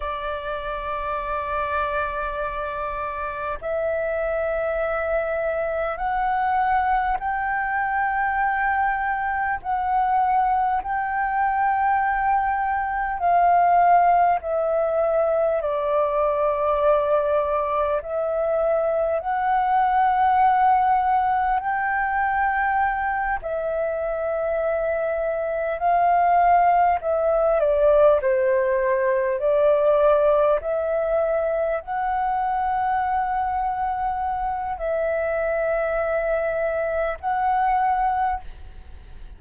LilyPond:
\new Staff \with { instrumentName = "flute" } { \time 4/4 \tempo 4 = 50 d''2. e''4~ | e''4 fis''4 g''2 | fis''4 g''2 f''4 | e''4 d''2 e''4 |
fis''2 g''4. e''8~ | e''4. f''4 e''8 d''8 c''8~ | c''8 d''4 e''4 fis''4.~ | fis''4 e''2 fis''4 | }